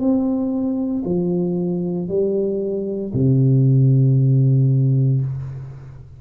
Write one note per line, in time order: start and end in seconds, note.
0.00 1.03 C4
1.05 2.09 F3
2.09 3.13 G3
3.14 5.21 C3